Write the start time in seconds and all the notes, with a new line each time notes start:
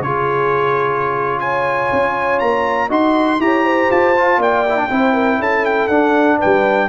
0.00 C#3 F4 G#4 C#5
1.40 C#5 G#5
1.92 C#4
2.39 A#3 A#5
2.88 D#4 F#4 D#5 C6
3.38 E4 G4 C#5 A#5
3.64 C5
3.90 F4 A5
4.16 F4
4.38 A#3 D5 G5
4.68 E4
4.77 D4
4.90 C4 E4 C5
5.13 A#4
5.39 C#4 A4 A5
5.65 G5
5.88 D4 F#5
6.38 B4 G5
6.45 G3